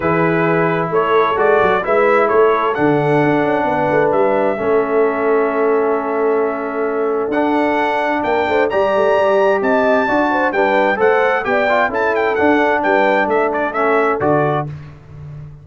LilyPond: <<
  \new Staff \with { instrumentName = "trumpet" } { \time 4/4 \tempo 4 = 131 b'2 cis''4 d''4 | e''4 cis''4 fis''2~ | fis''4 e''2.~ | e''1 |
fis''2 g''4 ais''4~ | ais''4 a''2 g''4 | fis''4 g''4 a''8 g''8 fis''4 | g''4 e''8 d''8 e''4 d''4 | }
  \new Staff \with { instrumentName = "horn" } { \time 4/4 gis'2 a'2 | b'4 a'2. | b'2 a'2~ | a'1~ |
a'2 ais'8 c''8 d''4~ | d''4 dis''4 d''8 c''8 b'4 | c''4 d''4 a'2 | b'4 a'2. | }
  \new Staff \with { instrumentName = "trombone" } { \time 4/4 e'2. fis'4 | e'2 d'2~ | d'2 cis'2~ | cis'1 |
d'2. g'4~ | g'2 fis'4 d'4 | a'4 g'8 f'8 e'4 d'4~ | d'2 cis'4 fis'4 | }
  \new Staff \with { instrumentName = "tuba" } { \time 4/4 e2 a4 gis8 fis8 | gis4 a4 d4 d'8 cis'8 | b8 a8 g4 a2~ | a1 |
d'2 ais8 a8 g8 a8 | g4 c'4 d'4 g4 | a4 b4 cis'4 d'4 | g4 a2 d4 | }
>>